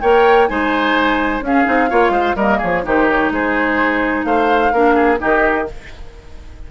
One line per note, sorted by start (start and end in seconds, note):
0.00 0.49 A#3
0.00 0.48 A#4
0.00 0.49 C#5
0.00 0.47 G5
0.47 1.41 G#3
0.47 1.43 D#4
0.47 1.44 C5
0.47 1.42 G#5
1.41 1.64 C#4
1.41 1.90 G#4
1.41 2.37 F5
1.64 1.91 C4
1.64 1.88 D#4
1.89 2.09 A#3
1.89 2.37 F4
1.89 2.12 C#5
2.09 2.33 G#3
2.09 2.35 C5
2.35 2.59 G3
2.35 2.83 A#3
2.35 2.58 A#4
2.35 2.60 D#5
2.58 2.85 F3
2.58 2.81 G#4
2.58 2.85 C#5
2.83 3.30 D#3
2.83 4.72 D#4
2.83 3.32 G4
2.83 3.09 C5
3.09 3.32 C#5
3.30 4.24 G#3
3.30 4.26 G#4
3.30 4.24 C5
4.24 4.71 A3
4.24 4.72 C5
4.24 5.18 F5
4.72 5.19 A#3
4.72 5.18 D4
4.72 4.94 A#4
4.94 5.18 G#4
5.18 5.71 D#3
5.18 5.65 D#4
5.18 5.68 G4
5.18 5.68 D#5